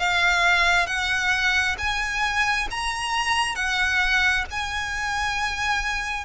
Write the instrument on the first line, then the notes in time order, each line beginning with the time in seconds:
violin
0.00 F5
0.87 F#5
1.79 G#5
2.71 A#5
3.56 F#5
4.51 G#5